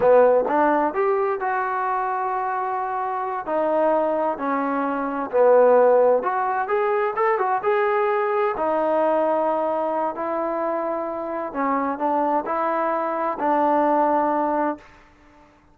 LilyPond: \new Staff \with { instrumentName = "trombone" } { \time 4/4 \tempo 4 = 130 b4 d'4 g'4 fis'4~ | fis'2.~ fis'8 dis'8~ | dis'4. cis'2 b8~ | b4. fis'4 gis'4 a'8 |
fis'8 gis'2 dis'4.~ | dis'2 e'2~ | e'4 cis'4 d'4 e'4~ | e'4 d'2. | }